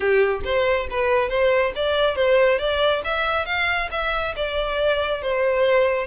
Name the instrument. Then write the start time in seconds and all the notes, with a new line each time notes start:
violin
0.00 G4
0.44 C5
0.90 B4
1.29 C5
1.75 D5
2.15 C5
2.58 D5
3.04 E5
3.45 F5
3.91 E5
4.36 D5
5.22 C5